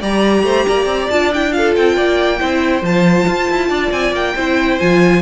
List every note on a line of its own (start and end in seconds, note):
0.00 0.43 G3
0.00 1.11 G4
0.00 0.43 D5
0.00 1.09 A#5
0.43 0.64 A3
0.43 0.66 C5
0.67 0.86 A#3
0.67 1.54 D5
0.86 1.07 C4
1.09 1.76 D4
1.09 1.32 F4
1.09 1.31 A5
1.33 1.51 E4
1.33 1.52 G5
1.51 2.38 F4
1.51 1.96 A4
1.51 1.74 F5
1.75 1.97 C4
1.75 2.84 G5
1.96 2.40 A#3
1.96 2.39 D5
2.39 2.81 C4
2.39 2.82 E4
2.39 3.69 C5
2.81 3.25 F3
2.81 4.35 F4
2.81 3.91 A5
3.27 3.49 F4
3.50 3.69 E4
3.69 3.91 D4
3.69 4.34 D5
3.91 4.12 C4
3.91 4.13 G#5
4.12 4.34 A#3
4.12 4.79 G5
4.35 4.79 C4
4.35 4.79 E4
4.35 5.21 C5
4.79 5.21 F3
4.79 5.21 F4
4.79 5.21 G#5